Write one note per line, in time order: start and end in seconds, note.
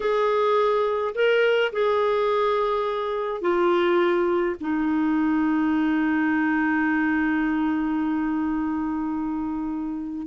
0.00 1.14 G#4
1.15 1.72 A#4
1.72 3.41 G#4
3.41 4.55 F4
4.60 10.27 D#4